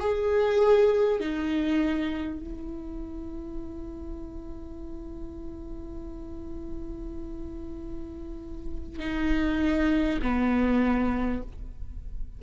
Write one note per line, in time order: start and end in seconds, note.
0.00 1.20 G#4
1.20 2.40 D#4
2.40 8.99 E4
8.99 10.19 D#4
10.22 11.42 B3